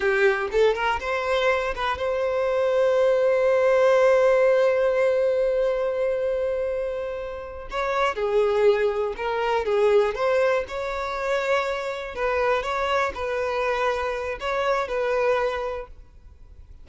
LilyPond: \new Staff \with { instrumentName = "violin" } { \time 4/4 \tempo 4 = 121 g'4 a'8 ais'8 c''4. b'8 | c''1~ | c''1~ | c''2.~ c''8 cis''8~ |
cis''8 gis'2 ais'4 gis'8~ | gis'8 c''4 cis''2~ cis''8~ | cis''8 b'4 cis''4 b'4.~ | b'4 cis''4 b'2 | }